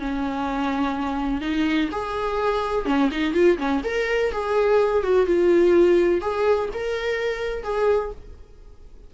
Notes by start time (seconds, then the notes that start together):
0.00 C#4
1.42 D#4
1.92 G#4
2.86 C#4
3.12 D#4
3.34 F4
3.58 C#4
3.84 A#4
4.32 G#4
5.04 F#4
5.27 F4
6.22 G#4
6.74 A#4
7.64 G#4